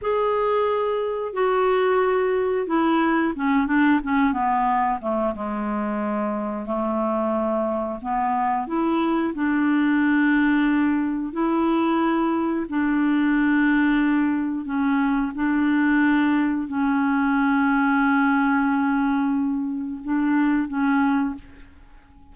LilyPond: \new Staff \with { instrumentName = "clarinet" } { \time 4/4 \tempo 4 = 90 gis'2 fis'2 | e'4 cis'8 d'8 cis'8 b4 a8 | gis2 a2 | b4 e'4 d'2~ |
d'4 e'2 d'4~ | d'2 cis'4 d'4~ | d'4 cis'2.~ | cis'2 d'4 cis'4 | }